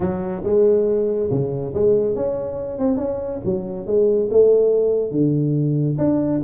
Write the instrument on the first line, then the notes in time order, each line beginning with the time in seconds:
tuba
0.00 F#3
0.43 G#3
1.30 C#3
1.74 G#3
2.15 C#4
2.79 C4
2.97 C#4
3.44 F#3
3.86 G#3
4.31 A3
5.11 D3
5.97 D4